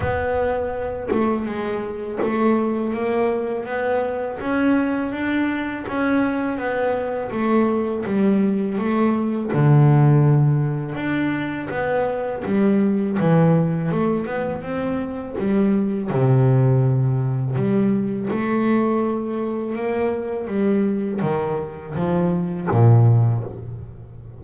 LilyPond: \new Staff \with { instrumentName = "double bass" } { \time 4/4 \tempo 4 = 82 b4. a8 gis4 a4 | ais4 b4 cis'4 d'4 | cis'4 b4 a4 g4 | a4 d2 d'4 |
b4 g4 e4 a8 b8 | c'4 g4 c2 | g4 a2 ais4 | g4 dis4 f4 ais,4 | }